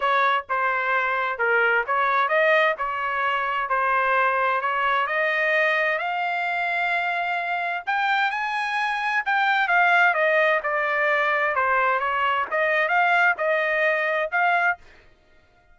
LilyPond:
\new Staff \with { instrumentName = "trumpet" } { \time 4/4 \tempo 4 = 130 cis''4 c''2 ais'4 | cis''4 dis''4 cis''2 | c''2 cis''4 dis''4~ | dis''4 f''2.~ |
f''4 g''4 gis''2 | g''4 f''4 dis''4 d''4~ | d''4 c''4 cis''4 dis''4 | f''4 dis''2 f''4 | }